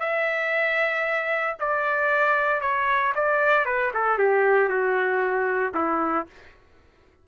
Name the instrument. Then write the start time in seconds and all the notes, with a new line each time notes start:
trumpet
0.00 E5
1.60 D5
2.61 C#5
3.15 D5
3.65 B4
3.94 A4
4.19 G4
4.69 F#4
5.75 E4